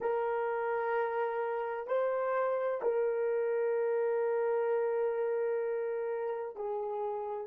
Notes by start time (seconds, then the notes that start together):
0.00 A#4
1.87 C5
2.82 A#4
6.56 G#4